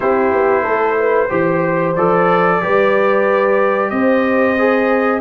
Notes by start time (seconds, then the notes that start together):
0.00 C4 E4 G4 C5
0.32 B3
0.63 A3 A4
0.99 B4
1.29 E3 G4 C5
1.95 F3 A4 D5
2.61 G3 G4 B4
3.89 C4 C5 D#5
4.58 G#4